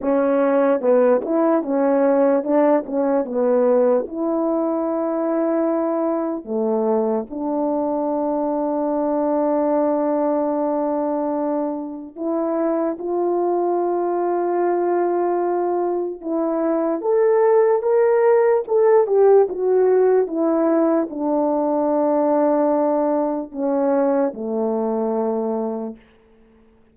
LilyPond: \new Staff \with { instrumentName = "horn" } { \time 4/4 \tempo 4 = 74 cis'4 b8 e'8 cis'4 d'8 cis'8 | b4 e'2. | a4 d'2.~ | d'2. e'4 |
f'1 | e'4 a'4 ais'4 a'8 g'8 | fis'4 e'4 d'2~ | d'4 cis'4 a2 | }